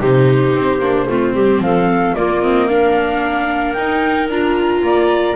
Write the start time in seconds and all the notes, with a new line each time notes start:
0.00 C3 D#4 G4 C5
0.55 C4
0.79 A#3 D4
1.08 A3 C4 F4
1.34 G3 G4
1.60 F3 A4 F5
2.15 A#3 F4 D5
2.42 C4 D#5
2.67 D4 A#4 F5
3.74 D#4 G5
4.30 D4 F4 A#5
4.82 A#3 D5